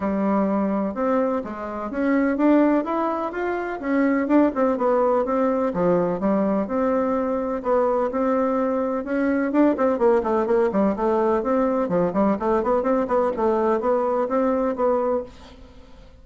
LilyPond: \new Staff \with { instrumentName = "bassoon" } { \time 4/4 \tempo 4 = 126 g2 c'4 gis4 | cis'4 d'4 e'4 f'4 | cis'4 d'8 c'8 b4 c'4 | f4 g4 c'2 |
b4 c'2 cis'4 | d'8 c'8 ais8 a8 ais8 g8 a4 | c'4 f8 g8 a8 b8 c'8 b8 | a4 b4 c'4 b4 | }